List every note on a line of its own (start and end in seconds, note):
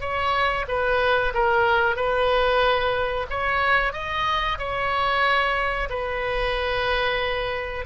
0.00 0.65 C#5
0.68 1.33 B4
1.33 1.95 A#4
1.95 3.26 B4
3.29 3.92 C#5
3.92 4.57 D#5
4.58 5.88 C#5
5.89 7.85 B4